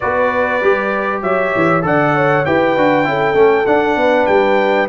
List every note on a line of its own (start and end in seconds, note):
0.00 0.62 B3
0.00 0.62 F#4
0.00 1.22 B4
0.00 1.21 D5
0.62 1.22 G3
0.62 1.82 G4
1.22 1.53 F#3
1.22 1.84 C#5
1.22 1.83 E5
1.55 1.83 E3
1.82 2.44 D3
1.82 2.43 A4
1.82 2.16 D5
1.82 2.45 F#5
2.16 2.46 C#5
2.45 2.76 E4
2.45 2.76 G4
2.45 3.07 B4
2.45 3.66 G5
2.76 3.07 D4
2.76 3.04 F#4
3.04 3.34 C#4
3.04 3.34 E4
3.04 3.99 A4
3.34 3.64 A3
3.34 3.65 C#4
3.66 3.96 D4
3.66 4.88 D4
3.66 4.26 F#5
3.96 4.26 B3
3.96 4.88 B4
4.26 4.88 G3
4.26 4.87 G5